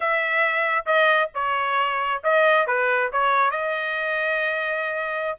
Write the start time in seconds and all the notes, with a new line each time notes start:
0.00 E5
0.85 D#5
1.34 C#5
2.23 D#5
2.66 B4
3.12 C#5
3.50 D#5